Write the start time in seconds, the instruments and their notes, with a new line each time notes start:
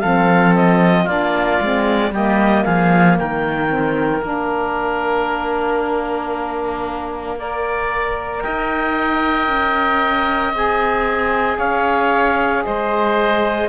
0.00 cello F3, saxophone C4, oboe A4, clarinet F5
0.55 clarinet D#5
1.04 cello A#3, saxophone D4, oboe F4, clarinet D5
1.60 cello G#3, saxophone C4
2.11 cello G3, saxophone A#3, oboe G4, clarinet D#5
2.64 cello F3, oboe G#4, clarinet F5
3.18 cello D#3, oboe A#4, clarinet G5
3.67 saxophone C4
4.22 cello A#3, saxophone D4, clarinet F5
7.38 saxophone A#4, oboe D5
8.42 cello D#4, oboe D#5, clarinet G5
9.48 cello C#4
10.53 cello C4, saxophone G#4, clarinet G#5
11.57 cello C#4, oboe C#5, clarinet F5
12.64 cello G#3, oboe C5, clarinet D#5